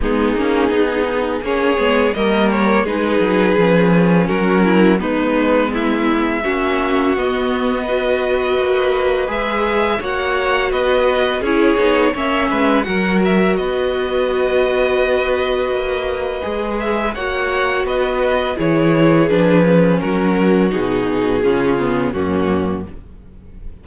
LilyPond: <<
  \new Staff \with { instrumentName = "violin" } { \time 4/4 \tempo 4 = 84 gis'2 cis''4 dis''8 cis''8 | b'2 ais'4 b'4 | e''2 dis''2~ | dis''4 e''4 fis''4 dis''4 |
cis''4 e''4 fis''8 e''8 dis''4~ | dis''2.~ dis''8 e''8 | fis''4 dis''4 cis''4 b'4 | ais'4 gis'2 fis'4 | }
  \new Staff \with { instrumentName = "violin" } { \time 4/4 dis'2 gis'4 ais'4 | gis'2 fis'8 e'8 dis'4 | e'4 fis'2 b'4~ | b'2 cis''4 b'4 |
gis'4 cis''8 b'8 ais'4 b'4~ | b'1 | cis''4 b'4 gis'2 | fis'2 f'4 cis'4 | }
  \new Staff \with { instrumentName = "viola" } { \time 4/4 b8 cis'8 dis'4 cis'8 b8 ais4 | dis'4 cis'2 b4~ | b4 cis'4 b4 fis'4~ | fis'4 gis'4 fis'2 |
e'8 dis'8 cis'4 fis'2~ | fis'2. gis'4 | fis'2 e'4 d'8 cis'8~ | cis'4 dis'4 cis'8 b8 ais4 | }
  \new Staff \with { instrumentName = "cello" } { \time 4/4 gis8 ais8 b4 ais8 gis8 g4 | gis8 fis8 f4 fis4 gis4~ | gis4 ais4 b2 | ais4 gis4 ais4 b4 |
cis'8 b8 ais8 gis8 fis4 b4~ | b2 ais4 gis4 | ais4 b4 e4 f4 | fis4 b,4 cis4 fis,4 | }
>>